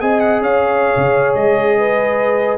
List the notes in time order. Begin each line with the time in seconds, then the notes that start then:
0.00 C4 G#4 D#5 G#5
0.20 F#5
0.41 C#4 C#5 F5
0.96 C#3
1.34 G#3 D#5
1.77 B4